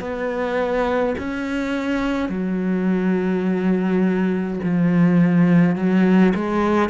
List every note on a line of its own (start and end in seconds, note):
0.00 1.15 B3
1.19 2.29 C#4
2.29 4.60 F#3
4.64 5.76 F3
5.76 6.34 F#3
6.35 6.90 G#3